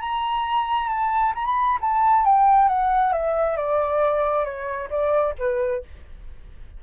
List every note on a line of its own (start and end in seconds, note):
0.00 0.88 A#5
0.88 1.33 A5
1.35 1.45 A#5
1.45 1.78 B5
1.81 2.25 A5
2.25 2.68 G5
2.68 3.12 F#5
3.12 3.56 E5
3.56 4.44 D5
4.44 4.89 C#5
4.89 5.34 D5
5.38 5.83 B4